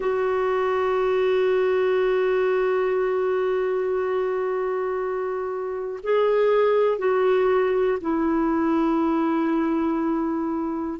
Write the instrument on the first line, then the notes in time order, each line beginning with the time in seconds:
clarinet
0.00 F#4
6.03 G#4
6.98 F#4
8.00 E4